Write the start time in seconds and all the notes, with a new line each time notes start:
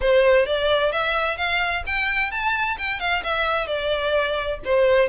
0.00 C5
0.46 D5
0.91 E5
1.37 F5
1.86 G5
2.31 A5
2.78 G5
2.99 F5
3.23 E5
3.67 D5
4.64 C5